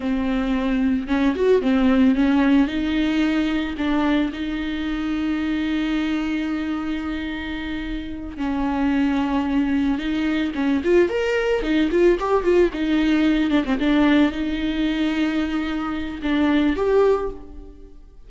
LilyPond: \new Staff \with { instrumentName = "viola" } { \time 4/4 \tempo 4 = 111 c'2 cis'8 fis'8 c'4 | cis'4 dis'2 d'4 | dis'1~ | dis'2.~ dis'8 cis'8~ |
cis'2~ cis'8 dis'4 cis'8 | f'8 ais'4 dis'8 f'8 g'8 f'8 dis'8~ | dis'4 d'16 c'16 d'4 dis'4.~ | dis'2 d'4 g'4 | }